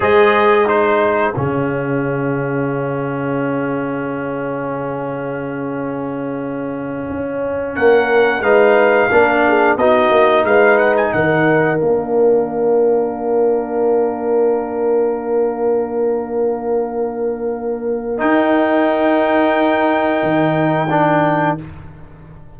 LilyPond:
<<
  \new Staff \with { instrumentName = "trumpet" } { \time 4/4 \tempo 4 = 89 dis''4 c''4 f''2~ | f''1~ | f''2.~ f''8 fis''8~ | fis''8 f''2 dis''4 f''8 |
fis''16 gis''16 fis''4 f''2~ f''8~ | f''1~ | f''2. g''4~ | g''1 | }
  \new Staff \with { instrumentName = "horn" } { \time 4/4 c''4 gis'2.~ | gis'1~ | gis'2.~ gis'8 ais'8~ | ais'8 b'4 ais'8 gis'8 fis'4 b'8~ |
b'8 ais'2.~ ais'8~ | ais'1~ | ais'1~ | ais'1 | }
  \new Staff \with { instrumentName = "trombone" } { \time 4/4 gis'4 dis'4 cis'2~ | cis'1~ | cis'1~ | cis'8 dis'4 d'4 dis'4.~ |
dis'4. d'2~ d'8~ | d'1~ | d'2. dis'4~ | dis'2. d'4 | }
  \new Staff \with { instrumentName = "tuba" } { \time 4/4 gis2 cis2~ | cis1~ | cis2~ cis8 cis'4 ais8~ | ais8 gis4 ais4 b8 ais8 gis8~ |
gis8 dis4 ais2~ ais8~ | ais1~ | ais2. dis'4~ | dis'2 dis2 | }
>>